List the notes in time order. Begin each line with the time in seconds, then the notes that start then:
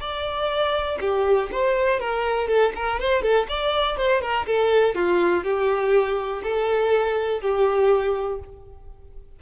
0.00 D5
1.00 G4
1.52 C5
2.00 A#4
2.48 A4
2.75 A#4
2.99 C5
3.22 A4
3.49 D5
3.97 C5
4.21 A#4
4.46 A4
4.95 F4
5.44 G4
6.43 A4
7.41 G4